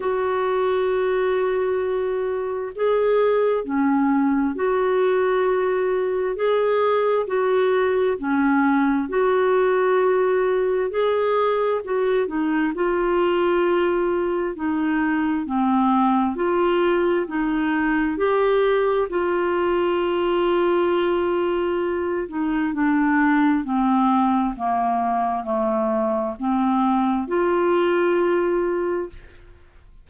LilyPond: \new Staff \with { instrumentName = "clarinet" } { \time 4/4 \tempo 4 = 66 fis'2. gis'4 | cis'4 fis'2 gis'4 | fis'4 cis'4 fis'2 | gis'4 fis'8 dis'8 f'2 |
dis'4 c'4 f'4 dis'4 | g'4 f'2.~ | f'8 dis'8 d'4 c'4 ais4 | a4 c'4 f'2 | }